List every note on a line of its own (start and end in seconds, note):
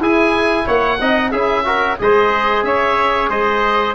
0.00 0.66 E4
0.00 1.00 E4
0.00 0.66 G#4
0.00 0.69 G#5
0.66 1.00 A#3
0.66 0.99 C#5
0.66 1.32 F#5
1.00 1.33 C4
1.00 1.34 D#4
1.00 1.32 D#5
1.32 1.99 C#4
1.32 1.65 E4
1.32 1.65 G#4
1.32 1.98 E5
1.65 1.98 F#4
1.65 2.00 A#4
1.99 2.64 G#3
1.99 3.95 G#4
1.99 2.66 C5
1.99 2.65 D#5
2.64 3.30 C#4
2.64 3.30 C#5
2.64 3.30 E5
3.30 3.95 G#3
3.30 3.95 C5
3.30 3.95 D#5